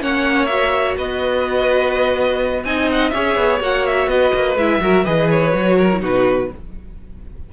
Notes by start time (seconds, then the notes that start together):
0.00 A#3 C#4 C#5 F#5
0.46 F#4 E5
0.97 B3 B4 D#5
2.64 C4 D#4 D#5 G#5
2.92 F#5
3.10 C#4 G#4 C#5 E5
3.36 B3
3.60 A#3 F#4 F#5
3.86 E5
4.07 B3 B4 D#5
4.34 A#3
4.56 G#3 E4 E5
4.80 F#3 F#4 A#4
5.04 E3 G#4 B4 D#5
5.30 C#5
5.52 F#3 F#4
5.78 A#4
5.92 E4
6.00 B2 D#4 F#4 B4